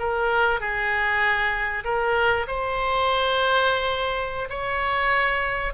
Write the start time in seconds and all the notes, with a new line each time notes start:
0.00 A#4
0.61 G#4
1.85 A#4
2.48 C5
4.50 C#5